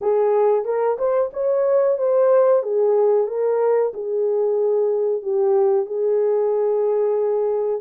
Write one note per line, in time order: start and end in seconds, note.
0.01 0.64 G#4
0.64 0.97 A#4
0.98 1.30 C5
1.33 1.98 C#5
1.98 2.62 C5
2.62 3.27 G#4
3.27 3.92 A#4
3.93 5.22 G#4
5.22 5.85 G4
5.85 7.81 G#4